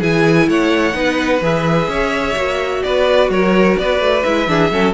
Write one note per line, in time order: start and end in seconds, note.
0.00 0.48 E3
0.00 0.93 E4
0.00 0.47 G#4
0.00 0.49 G#5
0.48 0.94 A3
0.48 0.96 C#5
0.48 1.43 F#5
0.93 1.41 B3
0.93 1.40 D#4
0.93 1.89 B4
1.41 1.88 E3
1.41 2.36 G#4
1.41 2.83 E5
1.88 2.35 C#4
1.88 2.83 C#5
2.36 2.82 A#3
2.36 4.24 F#4
2.83 3.29 B3
2.83 3.31 B4
2.83 3.30 D5
3.29 3.76 F#3
3.29 3.79 A#4
3.29 3.77 C#5
3.78 4.00 B3
3.78 4.50 B4
3.78 4.23 D5
4.00 4.23 A3
4.23 4.47 G#3
4.23 4.48 E4
4.23 4.93 E5
4.47 4.71 E3
4.47 4.71 D4
4.47 4.72 G#4
4.71 4.94 F#3
4.71 4.94 C#4
4.71 4.94 A4